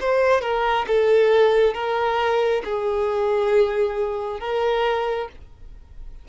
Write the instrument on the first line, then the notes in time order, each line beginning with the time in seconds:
violin
0.00 C5
0.41 A#4
0.87 A4
1.74 A#4
2.64 G#4
4.40 A#4